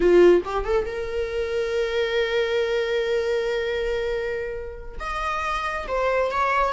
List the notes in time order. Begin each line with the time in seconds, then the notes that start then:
0.00 F4
0.44 G4
0.65 A4
0.86 A#4
4.99 D#5
5.87 C5
6.31 C#5